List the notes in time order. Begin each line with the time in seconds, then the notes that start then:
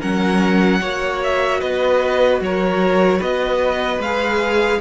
0.00 F#3 C#4 A#4 F#5
0.81 A#3 F#4 C#5
1.24 E5
1.61 B3 B4 D#5
2.41 F#3 A#4 C#5
3.19 B3 B4 D#5
3.99 G#3 F5
4.06 G#4